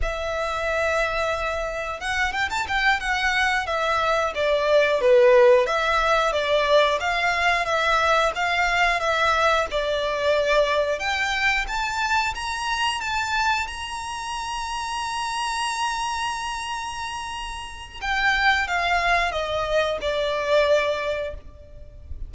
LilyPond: \new Staff \with { instrumentName = "violin" } { \time 4/4 \tempo 4 = 90 e''2. fis''8 g''16 a''16 | g''8 fis''4 e''4 d''4 b'8~ | b'8 e''4 d''4 f''4 e''8~ | e''8 f''4 e''4 d''4.~ |
d''8 g''4 a''4 ais''4 a''8~ | a''8 ais''2.~ ais''8~ | ais''2. g''4 | f''4 dis''4 d''2 | }